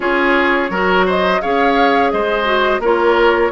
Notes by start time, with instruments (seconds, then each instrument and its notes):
0.00 bassoon C#4, clarinet F4, oboe G#4, flute C#5
0.69 bassoon F#3, clarinet F#4, oboe A#4
1.06 oboe C5, flute D#5
1.41 bassoon C#4, clarinet G#4, oboe C#5, flute F5
2.10 bassoon G#3, oboe C5, flute D#5
2.44 clarinet F#4
2.79 bassoon A#3, clarinet F4, oboe A#4, flute C#5